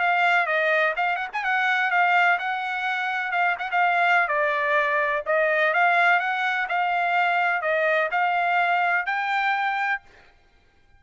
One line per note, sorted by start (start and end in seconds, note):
0.00 0.47 F5
0.47 0.94 D#5
0.97 1.16 F5
1.16 1.28 F#5
1.33 1.44 G#5
1.44 1.91 F#5
1.91 2.39 F5
2.39 3.32 F#5
3.32 3.56 F5
3.59 3.71 F#5
3.72 4.28 F5
4.28 5.24 D5
5.26 5.74 D#5
5.74 6.20 F5
6.20 6.68 F#5
6.69 7.62 F5
7.62 8.10 D#5
8.12 9.07 F5
9.07 10.02 G5